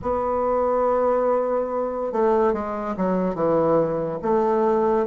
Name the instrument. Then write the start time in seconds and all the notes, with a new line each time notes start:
bassoon
0.02 B3
2.12 A3
2.53 G#3
2.97 F#3
3.35 E3
4.21 A3